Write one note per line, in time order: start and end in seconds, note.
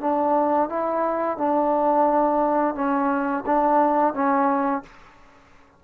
0.00 0.69 D4
0.69 1.37 E4
1.37 2.75 D4
2.75 3.44 C#4
3.46 4.14 D4
4.14 4.83 C#4